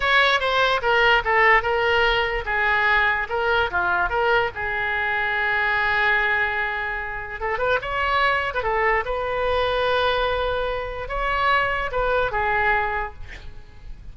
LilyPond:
\new Staff \with { instrumentName = "oboe" } { \time 4/4 \tempo 4 = 146 cis''4 c''4 ais'4 a'4 | ais'2 gis'2 | ais'4 f'4 ais'4 gis'4~ | gis'1~ |
gis'2 a'8 b'8 cis''4~ | cis''8. b'16 a'4 b'2~ | b'2. cis''4~ | cis''4 b'4 gis'2 | }